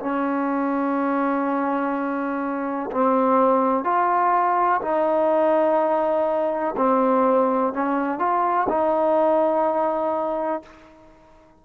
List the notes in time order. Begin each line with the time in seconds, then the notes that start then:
0.00 C#4
2.91 C4
3.84 F4
4.82 D#4
6.77 C4
7.73 C#4
8.19 F4
8.69 D#4